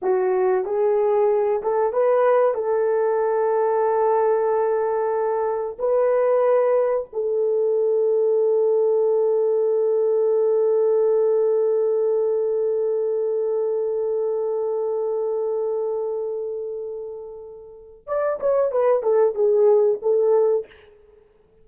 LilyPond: \new Staff \with { instrumentName = "horn" } { \time 4/4 \tempo 4 = 93 fis'4 gis'4. a'8 b'4 | a'1~ | a'4 b'2 a'4~ | a'1~ |
a'1~ | a'1~ | a'1 | d''8 cis''8 b'8 a'8 gis'4 a'4 | }